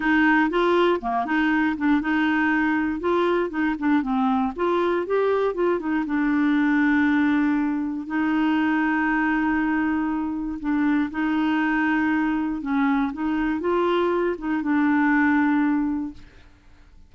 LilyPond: \new Staff \with { instrumentName = "clarinet" } { \time 4/4 \tempo 4 = 119 dis'4 f'4 ais8 dis'4 d'8 | dis'2 f'4 dis'8 d'8 | c'4 f'4 g'4 f'8 dis'8 | d'1 |
dis'1~ | dis'4 d'4 dis'2~ | dis'4 cis'4 dis'4 f'4~ | f'8 dis'8 d'2. | }